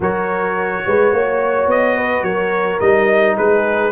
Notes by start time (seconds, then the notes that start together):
0.00 F#3 F#4 A#4 C#5
0.86 G#3 B4
1.12 A#3 C#5
1.66 B3 D#5
1.96 B4
2.22 F#3 A#4 C#5
2.80 G3 D#4 D#5
3.37 G#3 G#4 B4